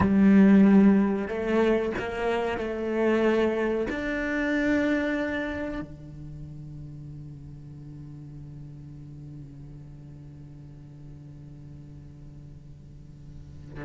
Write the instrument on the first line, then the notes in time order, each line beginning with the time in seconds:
cello
0.00 G3
1.28 A3
1.99 A#3
2.58 A3
3.89 D4
5.81 D3